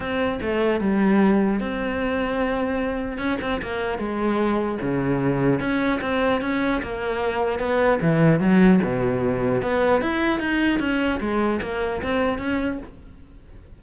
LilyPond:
\new Staff \with { instrumentName = "cello" } { \time 4/4 \tempo 4 = 150 c'4 a4 g2 | c'1 | cis'8 c'8 ais4 gis2 | cis2 cis'4 c'4 |
cis'4 ais2 b4 | e4 fis4 b,2 | b4 e'4 dis'4 cis'4 | gis4 ais4 c'4 cis'4 | }